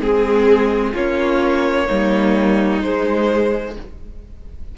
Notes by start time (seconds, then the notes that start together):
0.00 G#3 C4 G#4
0.93 A#3 C#4 F4 C#5
1.86 G3 A#3 D#4
2.81 G#3 C5